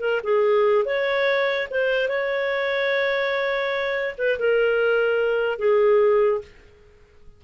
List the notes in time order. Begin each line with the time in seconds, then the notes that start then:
0.00 A#4
0.23 G#4
0.85 C#5
1.70 C5
2.08 C#5
4.18 B4
4.39 A#4
5.58 G#4